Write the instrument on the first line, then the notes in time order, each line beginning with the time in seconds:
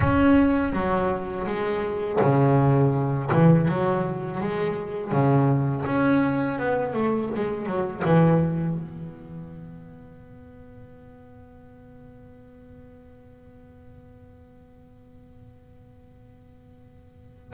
double bass
0.00 C#4
0.73 F#3
1.46 G#3
2.21 C#3
3.32 E3
3.68 F#3
4.40 G#3
5.11 C#3
5.86 C#4
6.58 B3
6.93 A3
7.35 G#3
7.66 F#3
8.04 E3
8.77 B3